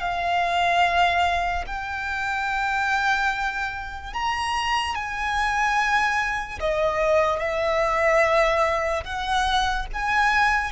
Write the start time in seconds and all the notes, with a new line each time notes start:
0.00 F5
1.67 G5
4.14 A#5
4.95 G#5
6.60 D#5
7.39 E5
9.04 F#5
9.93 G#5